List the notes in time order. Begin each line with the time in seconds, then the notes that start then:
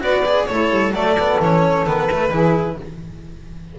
0.00 B3 F#4 B4 D5
0.25 G#4
0.46 A3 E4 A4 C#5
0.71 G3
0.91 F#3 A3 A4 D5
1.19 B3
1.40 E3 C#4 C#5
1.86 D#3 B3 B4
2.11 A3
2.30 E3 E4 G#4